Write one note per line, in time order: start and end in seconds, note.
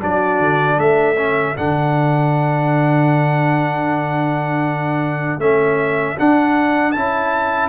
0.00 0.40 F#3
0.00 1.15 D4
0.00 0.77 F#4
0.00 0.79 D5
0.40 0.78 D3
0.77 1.55 A3
0.77 7.69 A4
0.77 1.56 E5
1.17 1.55 C#4
1.56 5.38 D3
1.56 5.40 D4
1.56 5.40 F#5
5.38 6.15 A3
5.38 6.17 C#4
5.38 6.17 E5
6.18 6.95 D4
6.18 6.96 D4
6.18 6.92 F#5
6.92 7.69 C#4
6.92 7.69 E4
6.92 7.69 A5